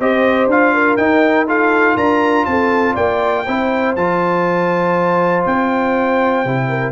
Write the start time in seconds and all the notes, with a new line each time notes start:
0.00 C4 G4 C5 D#5
0.47 D4 F4 F5
0.74 A#4
0.97 D#4 G5
1.48 F4 A4 F5
1.96 D4 A#4 A#5
2.46 C4 A4 A5
2.94 A#3 D5 G5
3.45 C4 E4 C5
3.96 F3 F4 A5
5.46 C4 G5
6.45 C3 E4
6.68 A#4